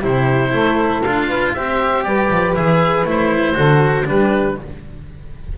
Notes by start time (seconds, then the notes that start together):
0.00 C3 E4 G4 C5
0.52 A3 A4
1.02 D4 F4 F5
1.27 B4
1.54 C4 G4 C5 E5
2.04 G3 B4 D5
2.30 F3
2.55 E3 G#4 E5
3.05 A3 E4 C5
3.54 D3 F#4 A4
4.05 G3 D4 G4 B4